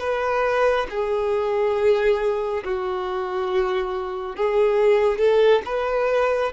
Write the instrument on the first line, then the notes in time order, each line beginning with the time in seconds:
violin
0.00 B4
0.90 G#4
2.64 F#4
4.36 G#4
5.19 A4
5.66 B4